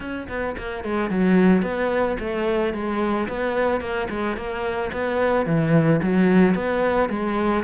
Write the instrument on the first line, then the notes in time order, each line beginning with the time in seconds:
cello
0.00 C#4
0.28 B3
0.57 A#3
0.83 G#3
1.10 F#3
1.62 B3
2.19 A3
2.73 G#3
3.28 B3
3.80 A#3
4.09 G#3
4.36 A#3
4.92 B3
5.45 E3
6.02 F#3
6.54 B3
7.09 G#3